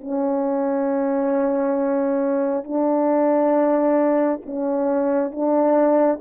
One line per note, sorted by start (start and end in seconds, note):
0.00 2.64 C#4
2.64 4.40 D4
4.45 5.31 C#4
5.31 6.19 D4